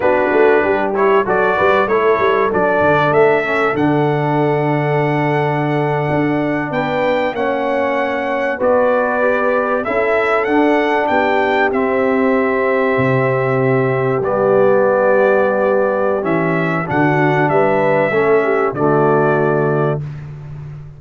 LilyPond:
<<
  \new Staff \with { instrumentName = "trumpet" } { \time 4/4 \tempo 4 = 96 b'4. cis''8 d''4 cis''4 | d''4 e''4 fis''2~ | fis''2~ fis''8. g''4 fis''16~ | fis''4.~ fis''16 d''2 e''16~ |
e''8. fis''4 g''4 e''4~ e''16~ | e''2~ e''8. d''4~ d''16~ | d''2 e''4 fis''4 | e''2 d''2 | }
  \new Staff \with { instrumentName = "horn" } { \time 4/4 fis'4 g'4 a'8 b'8 a'4~ | a'1~ | a'2~ a'8. b'4 cis''16~ | cis''4.~ cis''16 b'2 a'16~ |
a'4.~ a'16 g'2~ g'16~ | g'1~ | g'2. fis'4 | b'4 a'8 g'8 fis'2 | }
  \new Staff \with { instrumentName = "trombone" } { \time 4/4 d'4. e'8 fis'4 e'4 | d'4. cis'8 d'2~ | d'2.~ d'8. cis'16~ | cis'4.~ cis'16 fis'4 g'4 e'16~ |
e'8. d'2 c'4~ c'16~ | c'2~ c'8. b4~ b16~ | b2 cis'4 d'4~ | d'4 cis'4 a2 | }
  \new Staff \with { instrumentName = "tuba" } { \time 4/4 b8 a8 g4 fis8 g8 a8 g8 | fis8 d8 a4 d2~ | d4.~ d16 d'4 b4 ais16~ | ais4.~ ais16 b2 cis'16~ |
cis'8. d'4 b4 c'4~ c'16~ | c'8. c2 g4~ g16~ | g2 e4 d4 | g4 a4 d2 | }
>>